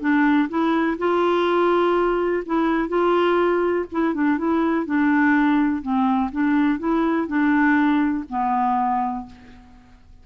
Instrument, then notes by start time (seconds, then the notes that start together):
clarinet
0.00 D4
0.49 E4
0.98 F4
2.46 E4
2.89 F4
3.92 E4
4.14 D4
4.38 E4
4.86 D4
5.82 C4
6.32 D4
6.79 E4
7.27 D4
8.29 B3